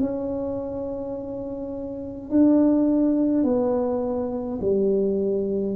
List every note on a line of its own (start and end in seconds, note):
0.00 2.30 C#4
2.30 3.44 D4
3.44 4.59 B3
4.61 5.76 G3